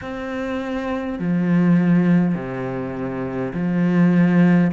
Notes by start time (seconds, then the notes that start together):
0.01 C4
1.19 F3
2.35 C3
3.53 F3